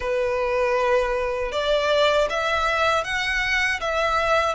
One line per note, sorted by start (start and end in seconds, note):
0.00 1.52 B4
1.52 2.28 D5
2.29 3.03 E5
3.03 3.79 F#5
3.80 4.54 E5